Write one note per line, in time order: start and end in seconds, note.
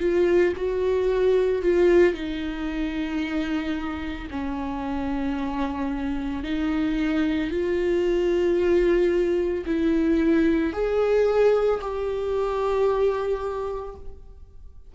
0.00 0.54 F4
0.56 1.62 F#4
1.62 2.14 F4
2.14 4.28 D#4
4.31 6.44 C#4
6.44 7.51 D#4
7.51 9.65 F4
9.66 10.73 E4
10.73 11.81 G#4
11.81 13.95 G4